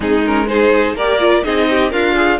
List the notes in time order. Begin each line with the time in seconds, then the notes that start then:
0.00 G#3 C4 D#4 G#4
0.26 C#4 A#4
0.47 D#4 G#4 C5
0.94 A#3 G4 A#4 D5
1.19 F4
1.43 C4 D#4 G#4 D#5
1.69 G4
1.90 D4 F4 A#4 F5
2.15 G#4